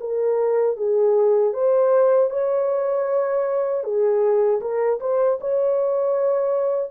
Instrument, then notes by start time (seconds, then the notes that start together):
horn
0.00 A#4
0.77 G#4
1.53 C5
2.30 C#5
3.84 G#4
4.61 A#4
5.00 C5
5.41 C#5